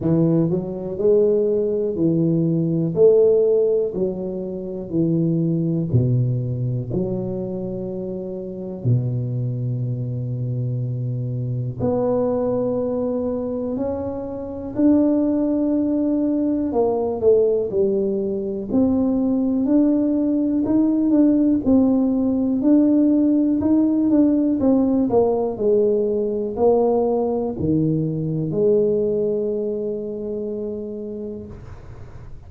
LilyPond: \new Staff \with { instrumentName = "tuba" } { \time 4/4 \tempo 4 = 61 e8 fis8 gis4 e4 a4 | fis4 e4 b,4 fis4~ | fis4 b,2. | b2 cis'4 d'4~ |
d'4 ais8 a8 g4 c'4 | d'4 dis'8 d'8 c'4 d'4 | dis'8 d'8 c'8 ais8 gis4 ais4 | dis4 gis2. | }